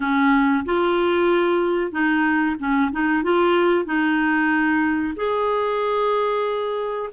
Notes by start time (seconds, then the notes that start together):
0.00 C#4
0.65 F4
1.91 D#4
2.59 C#4
2.91 D#4
3.23 F4
3.85 D#4
5.16 G#4